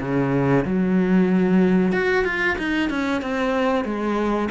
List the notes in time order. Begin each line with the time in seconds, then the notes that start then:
0.00 C#3
0.65 F#3
1.92 F#4
2.25 F4
2.58 D#4
2.90 C#4
3.22 C4
3.84 G#3